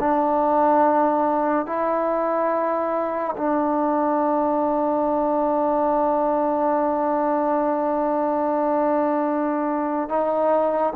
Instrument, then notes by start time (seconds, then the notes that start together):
trombone
0.00 D4
1.67 E4
3.37 D4
10.09 D#4